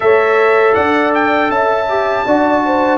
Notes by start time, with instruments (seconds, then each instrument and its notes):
0.00 tuba A3, trombone A4, horn C#5, trumpet E5
0.74 tuba D4, horn D5, trumpet F#5
1.14 trumpet G5
1.49 tuba C#4, horn E5, trumpet A5
1.88 trombone G4
2.26 tuba D4, trombone F#4, horn D5
2.65 horn C5